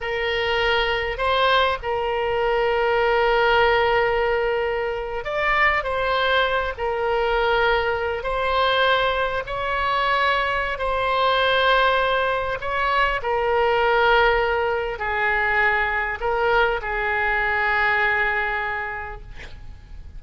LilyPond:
\new Staff \with { instrumentName = "oboe" } { \time 4/4 \tempo 4 = 100 ais'2 c''4 ais'4~ | ais'1~ | ais'8. d''4 c''4. ais'8.~ | ais'4.~ ais'16 c''2 cis''16~ |
cis''2 c''2~ | c''4 cis''4 ais'2~ | ais'4 gis'2 ais'4 | gis'1 | }